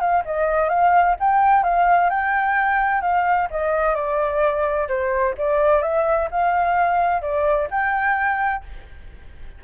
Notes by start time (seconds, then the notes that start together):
0.00 F5
0.25 D#5
0.69 F5
1.20 G5
1.63 F5
2.10 G5
3.01 F5
3.51 D#5
3.95 D5
4.88 C5
5.38 D5
5.82 E5
6.31 F5
7.22 D5
7.71 G5